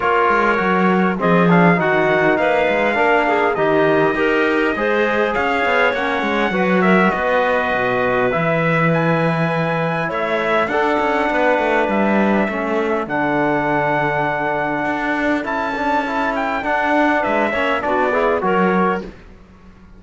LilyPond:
<<
  \new Staff \with { instrumentName = "trumpet" } { \time 4/4 \tempo 4 = 101 cis''2 dis''8 f''8 fis''4 | f''2 dis''2~ | dis''4 f''4 fis''4. e''8 | dis''2 e''4 gis''4~ |
gis''4 e''4 fis''2 | e''2 fis''2~ | fis''2 a''4. g''8 | fis''4 e''4 d''4 cis''4 | }
  \new Staff \with { instrumentName = "clarinet" } { \time 4/4 ais'2 gis'4 fis'4 | b'4 ais'8 gis'8 g'4 ais'4 | c''4 cis''2 b'8 ais'8 | b'1~ |
b'4 cis''4 a'4 b'4~ | b'4 a'2.~ | a'1~ | a'4 b'8 cis''8 fis'8 gis'8 ais'4 | }
  \new Staff \with { instrumentName = "trombone" } { \time 4/4 f'4 fis'4 c'8 d'8 dis'4~ | dis'4 d'4 dis'4 g'4 | gis'2 cis'4 fis'4~ | fis'2 e'2~ |
e'2 d'2~ | d'4 cis'4 d'2~ | d'2 e'8 d'8 e'4 | d'4. cis'8 d'8 e'8 fis'4 | }
  \new Staff \with { instrumentName = "cello" } { \time 4/4 ais8 gis8 fis4 f4 dis4 | ais8 gis8 ais4 dis4 dis'4 | gis4 cis'8 b8 ais8 gis8 fis4 | b4 b,4 e2~ |
e4 a4 d'8 cis'8 b8 a8 | g4 a4 d2~ | d4 d'4 cis'2 | d'4 gis8 ais8 b4 fis4 | }
>>